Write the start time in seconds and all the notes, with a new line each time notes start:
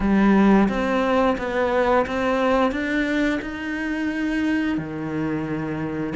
0.00 G3
0.68 C4
1.38 B3
2.06 C4
2.71 D4
3.41 D#4
4.77 D#3